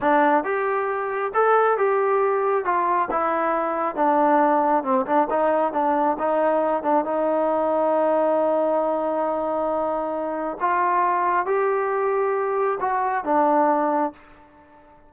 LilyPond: \new Staff \with { instrumentName = "trombone" } { \time 4/4 \tempo 4 = 136 d'4 g'2 a'4 | g'2 f'4 e'4~ | e'4 d'2 c'8 d'8 | dis'4 d'4 dis'4. d'8 |
dis'1~ | dis'1 | f'2 g'2~ | g'4 fis'4 d'2 | }